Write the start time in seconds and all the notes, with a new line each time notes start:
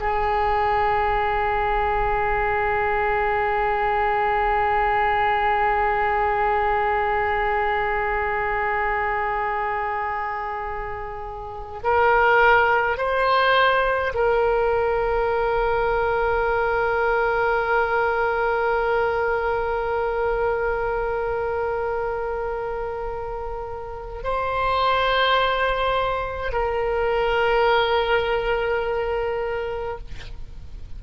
0.00 G#4
11.84 A#4
12.98 C5
14.15 A#4
24.24 C5
26.52 A#4